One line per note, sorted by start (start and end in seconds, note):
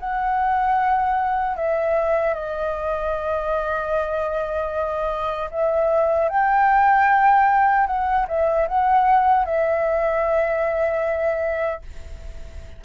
0.00 1.57 F#5
1.57 2.34 E5
2.34 5.50 D#5
5.52 6.29 E5
6.29 7.87 G5
7.87 8.27 F#5
8.29 8.68 E5
8.68 9.46 F#5
9.46 11.82 E5